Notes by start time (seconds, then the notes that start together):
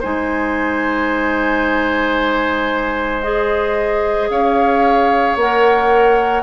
0.00 G#3 D#4 C5 G#5
3.23 G#4 D#5
4.30 C#4 C#5 F5
5.36 A#3 A#4 F#5